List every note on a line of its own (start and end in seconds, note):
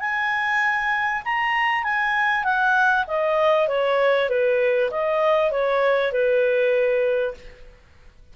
0.00 1.22 G#5
1.25 1.84 A#5
1.84 2.44 G#5
2.44 3.05 F#5
3.07 3.68 D#5
3.68 4.29 C#5
4.29 4.90 B4
4.91 5.51 D#5
5.51 6.12 C#5
6.12 7.34 B4